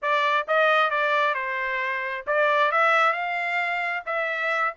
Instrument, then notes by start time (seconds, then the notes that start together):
trumpet
0.01 D5
0.47 D#5
0.90 D5
1.34 C5
2.26 D5
2.71 E5
3.13 F5
4.06 E5